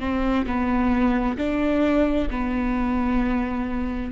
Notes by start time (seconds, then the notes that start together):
0.00 C4
0.46 B3
1.38 D4
2.31 B3